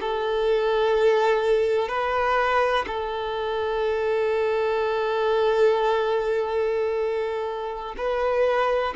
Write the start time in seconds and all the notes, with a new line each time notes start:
0.00 A4
1.88 B4
2.86 A4
7.97 B4